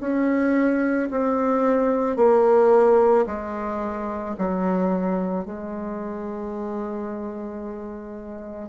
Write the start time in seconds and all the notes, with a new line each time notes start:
0.00 C#4
1.11 C4
2.16 A#3
3.26 G#3
4.38 F#3
5.45 G#3